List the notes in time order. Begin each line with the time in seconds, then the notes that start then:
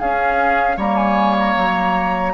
0.00 C#4 G#4 F5
0.77 G3 A#3 C#5 A#5
0.96 G#5
1.39 A#5
1.56 F#3